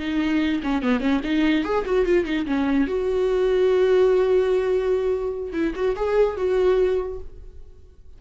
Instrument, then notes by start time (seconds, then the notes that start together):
viola
0.00 D#4
0.64 C#4
0.83 B3
1.01 C#4
1.24 D#4
1.65 G#4
1.86 F#4
2.06 F4
2.25 D#4
2.46 C#4
2.87 F#4
5.53 E4
5.76 F#4
5.97 G#4
6.37 F#4